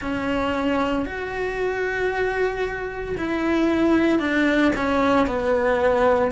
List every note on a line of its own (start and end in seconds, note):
0.00 1.05 C#4
1.05 3.16 F#4
3.17 4.19 E4
4.19 4.71 D4
4.76 5.26 C#4
5.26 6.31 B3